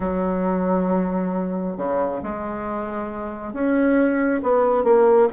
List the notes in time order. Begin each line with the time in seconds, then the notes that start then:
0.00 F#3
1.77 C#3
2.22 G#3
3.53 C#4
4.42 B3
4.84 A#3